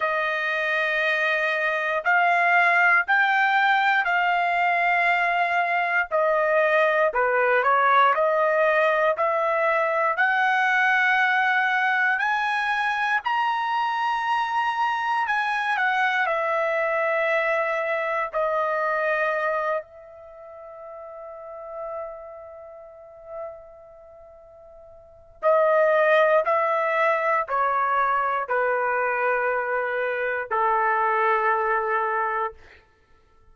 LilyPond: \new Staff \with { instrumentName = "trumpet" } { \time 4/4 \tempo 4 = 59 dis''2 f''4 g''4 | f''2 dis''4 b'8 cis''8 | dis''4 e''4 fis''2 | gis''4 ais''2 gis''8 fis''8 |
e''2 dis''4. e''8~ | e''1~ | e''4 dis''4 e''4 cis''4 | b'2 a'2 | }